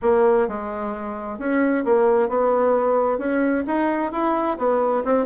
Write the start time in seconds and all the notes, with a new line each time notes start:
0.02 A#3
0.47 G#3
1.38 C#4
1.84 A#3
2.29 B3
3.18 C#4
3.66 D#4
4.11 E4
4.58 B3
5.04 C4